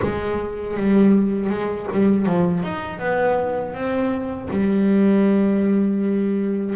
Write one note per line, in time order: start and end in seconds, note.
0.02 0.76 G#3
0.76 1.49 G3
1.49 1.87 G#3
1.92 2.26 G3
2.26 2.62 F3
2.62 2.99 D#4
2.99 3.73 B3
3.73 4.48 C4
4.50 6.75 G3